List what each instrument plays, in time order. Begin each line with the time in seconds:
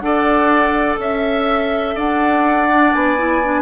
0.00 bassoon D4, clarinet A4, oboe D5, flute F#5
0.99 bassoon C#4, oboe E5, flute E5
1.95 bassoon D4, oboe D5, flute F#5
2.71 clarinet D4
2.93 bassoon B3, flute G#5
3.18 clarinet E4
3.44 clarinet D4